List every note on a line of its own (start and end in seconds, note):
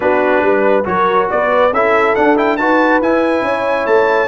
0.00 0.41 B3
0.00 0.83 D4
0.00 0.43 F#4
0.00 0.85 B4
0.41 0.84 G3
0.41 0.87 B4
0.85 1.29 F#3
0.85 1.71 F#4
0.85 1.31 A#4
0.85 1.29 C#5
1.30 1.71 B3
1.30 1.73 B4
1.30 1.73 D5
1.71 2.15 C#4
1.71 2.16 E4
1.71 2.58 A4
1.71 2.15 E5
2.15 2.36 D4
2.15 2.58 D4
2.15 2.37 F#5
2.36 2.58 E4
2.36 2.56 G5
2.56 3.00 D#4
2.56 3.02 F#4
2.56 3.44 B4
2.56 3.00 A5
3.00 3.41 E4
3.00 4.27 E4
3.00 3.86 G#5
3.41 3.84 C#4
3.41 4.27 C#5
3.86 4.27 A3
3.86 4.27 A5